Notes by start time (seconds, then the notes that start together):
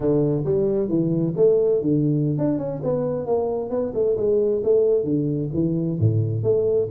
0.00 D3
0.44 G3
0.88 E3
1.36 A3
1.81 D3
2.38 D4
2.58 C#4
2.83 B3
3.26 A#3
3.70 B3
3.94 A3
4.16 G#3
4.63 A3
5.04 D3
5.53 E3
5.99 A2
6.43 A3